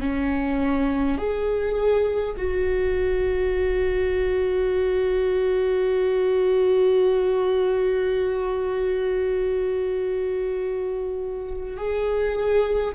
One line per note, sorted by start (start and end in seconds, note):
0.00 1.18 C#4
1.18 2.35 G#4
2.37 11.77 F#4
11.77 12.95 G#4